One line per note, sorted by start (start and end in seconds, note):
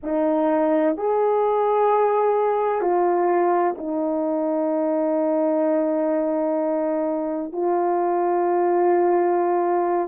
0.03 0.96 D#4
0.96 2.81 G#4
2.81 3.75 F4
3.77 7.52 D#4
7.52 10.08 F4